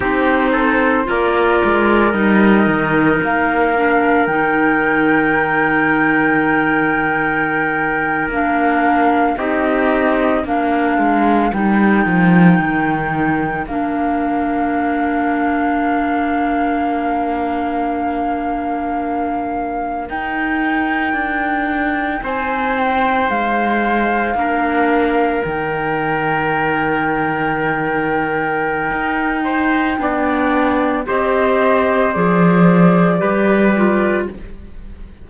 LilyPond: <<
  \new Staff \with { instrumentName = "flute" } { \time 4/4 \tempo 4 = 56 c''4 d''4 dis''4 f''4 | g''2.~ g''8. f''16~ | f''8. dis''4 f''4 g''4~ g''16~ | g''8. f''2.~ f''16~ |
f''2~ f''8. g''4~ g''16~ | g''8. gis''8 g''8 f''2 g''16~ | g''1~ | g''4 dis''4 d''2 | }
  \new Staff \with { instrumentName = "trumpet" } { \time 4/4 g'8 a'8 ais'2.~ | ais'1~ | ais'8. g'4 ais'2~ ais'16~ | ais'1~ |
ais'1~ | ais'8. c''2 ais'4~ ais'16~ | ais'2.~ ais'8 c''8 | d''4 c''2 b'4 | }
  \new Staff \with { instrumentName = "clarinet" } { \time 4/4 dis'4 f'4 dis'4. d'8 | dis'2.~ dis'8. d'16~ | d'8. dis'4 d'4 dis'4~ dis'16~ | dis'8. d'2.~ d'16~ |
d'2~ d'8. dis'4~ dis'16~ | dis'2~ dis'8. d'4 dis'16~ | dis'1 | d'4 g'4 gis'4 g'8 f'8 | }
  \new Staff \with { instrumentName = "cello" } { \time 4/4 c'4 ais8 gis8 g8 dis8 ais4 | dis2.~ dis8. ais16~ | ais8. c'4 ais8 gis8 g8 f8 dis16~ | dis8. ais2.~ ais16~ |
ais2~ ais8. dis'4 d'16~ | d'8. c'4 gis4 ais4 dis16~ | dis2. dis'4 | b4 c'4 f4 g4 | }
>>